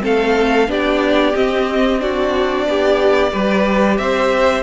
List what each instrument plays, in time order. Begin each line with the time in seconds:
0.00 cello A3, viola C4, violin A4 F5
0.68 cello B3, viola D4, violin G4 D5
1.34 viola C4, cello C4, violin D#5
1.99 viola D4, violin F#4 D5
2.67 cello B3, violin G4
3.32 cello G3, viola G4, violin B4
3.98 cello C4, violin C5 E5